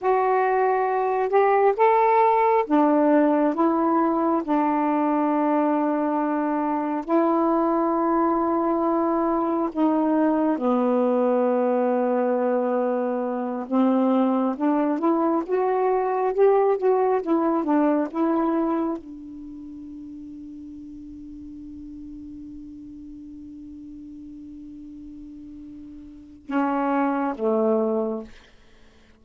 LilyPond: \new Staff \with { instrumentName = "saxophone" } { \time 4/4 \tempo 4 = 68 fis'4. g'8 a'4 d'4 | e'4 d'2. | e'2. dis'4 | b2.~ b8 c'8~ |
c'8 d'8 e'8 fis'4 g'8 fis'8 e'8 | d'8 e'4 d'2~ d'8~ | d'1~ | d'2 cis'4 a4 | }